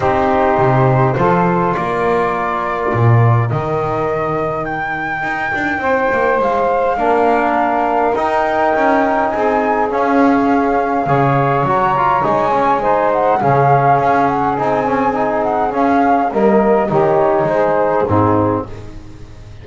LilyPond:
<<
  \new Staff \with { instrumentName = "flute" } { \time 4/4 \tempo 4 = 103 c''2. d''4~ | d''2 dis''2 | g''2. f''4~ | f''2 g''2 |
gis''4 f''2. | ais''4 gis''4. fis''8 f''4~ | f''8 fis''8 gis''4. fis''8 f''4 | dis''4 cis''4 c''4 gis'4 | }
  \new Staff \with { instrumentName = "saxophone" } { \time 4/4 g'2 a'4 ais'4~ | ais'1~ | ais'2 c''2 | ais'1 |
gis'2. cis''4~ | cis''2 c''4 gis'4~ | gis'1 | ais'4 g'4 gis'4 dis'4 | }
  \new Staff \with { instrumentName = "trombone" } { \time 4/4 dis'2 f'2~ | f'2 dis'2~ | dis'1 | d'2 dis'2~ |
dis'4 cis'2 gis'4 | fis'8 f'8 dis'8 cis'8 dis'4 cis'4~ | cis'4 dis'8 cis'8 dis'4 cis'4 | ais4 dis'2 c'4 | }
  \new Staff \with { instrumentName = "double bass" } { \time 4/4 c'4 c4 f4 ais4~ | ais4 ais,4 dis2~ | dis4 dis'8 d'8 c'8 ais8 gis4 | ais2 dis'4 cis'4 |
c'4 cis'2 cis4 | fis4 gis2 cis4 | cis'4 c'2 cis'4 | g4 dis4 gis4 gis,4 | }
>>